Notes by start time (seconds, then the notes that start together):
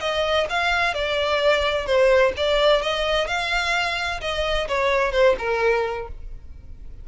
0.00 D#5
0.49 F5
0.94 D5
1.86 C5
2.36 D5
2.82 D#5
3.27 F5
4.21 D#5
4.68 C#5
5.12 C5
5.38 A#4